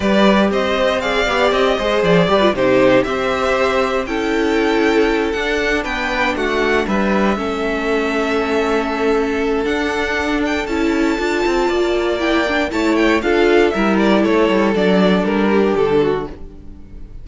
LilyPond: <<
  \new Staff \with { instrumentName = "violin" } { \time 4/4 \tempo 4 = 118 d''4 dis''4 f''4 dis''4 | d''4 c''4 e''2 | g''2~ g''8 fis''4 g''8~ | g''8 fis''4 e''2~ e''8~ |
e''2. fis''4~ | fis''8 g''8 a''2. | g''4 a''8 g''8 f''4 e''8 d''8 | cis''4 d''4 ais'4 a'4 | }
  \new Staff \with { instrumentName = "violin" } { \time 4/4 b'4 c''4 d''4. c''8~ | c''8 b'8 g'4 c''2 | a'2.~ a'8 b'8~ | b'8 fis'4 b'4 a'4.~ |
a'1~ | a'2. d''4~ | d''4 cis''4 a'4 ais'4 | a'2~ a'8 g'4 fis'8 | }
  \new Staff \with { instrumentName = "viola" } { \time 4/4 g'2 gis'8 g'4 gis'8~ | gis'8 g'16 f'16 dis'4 g'2 | e'2~ e'8 d'4.~ | d'2~ d'8 cis'4.~ |
cis'2. d'4~ | d'4 e'4 f'2 | e'8 d'8 e'4 f'4 e'4~ | e'4 d'2. | }
  \new Staff \with { instrumentName = "cello" } { \time 4/4 g4 c'4. b8 c'8 gis8 | f8 g8 c4 c'2 | cis'2~ cis'8 d'4 b8~ | b8 a4 g4 a4.~ |
a2. d'4~ | d'4 cis'4 d'8 c'8 ais4~ | ais4 a4 d'4 g4 | a8 g8 fis4 g4 d4 | }
>>